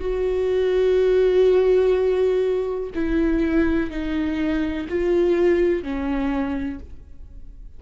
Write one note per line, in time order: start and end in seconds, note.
0.00 2.90 F#4
2.94 3.90 E4
3.90 4.87 D#4
4.88 5.82 F4
5.82 6.79 C#4